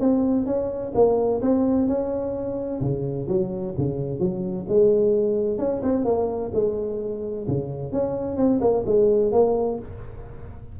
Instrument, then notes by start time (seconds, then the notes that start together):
tuba
0.00 C4
0.46 C#4
0.95 A#3
1.41 C4
1.88 C#4
2.81 C#3
3.28 F#3
3.77 C#3
4.19 F#3
4.68 G#3
5.58 C#4
5.83 C4
6.05 A#3
6.54 G#3
7.48 C#3
7.92 C#4
8.37 C4
8.60 A#3
8.86 G#3
9.32 A#3